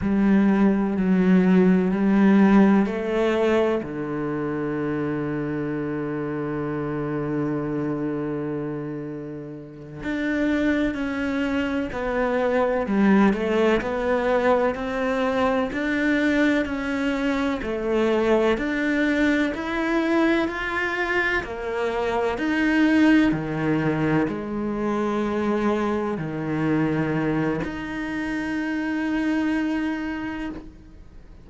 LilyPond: \new Staff \with { instrumentName = "cello" } { \time 4/4 \tempo 4 = 63 g4 fis4 g4 a4 | d1~ | d2~ d8 d'4 cis'8~ | cis'8 b4 g8 a8 b4 c'8~ |
c'8 d'4 cis'4 a4 d'8~ | d'8 e'4 f'4 ais4 dis'8~ | dis'8 dis4 gis2 dis8~ | dis4 dis'2. | }